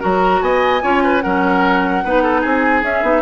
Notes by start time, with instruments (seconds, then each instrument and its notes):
0.00 bassoon F#3, clarinet F#4, oboe A#4, flute A#5
0.41 bassoon B3, oboe D#5, flute G#5
0.82 bassoon C#4, clarinet F4, oboe C#5
1.04 oboe B4
1.21 bassoon F#3, clarinet C#4, oboe A#4, flute F#5
2.04 bassoon B3, clarinet D#4, oboe B4
2.23 oboe A4
2.41 bassoon C4, oboe G#4, flute G#5
2.83 bassoon C#4, clarinet C#4, flute E5
3.03 bassoon B3, clarinet D#4